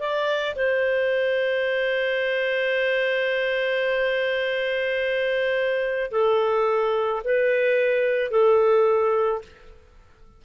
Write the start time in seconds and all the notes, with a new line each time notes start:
0.00 D5
0.56 C5
6.12 A4
7.24 B4
8.31 A4